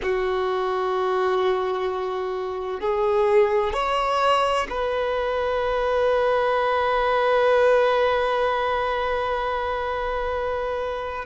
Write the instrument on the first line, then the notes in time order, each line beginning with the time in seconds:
violin
0.02 F#4
2.80 G#4
3.73 C#5
4.69 B4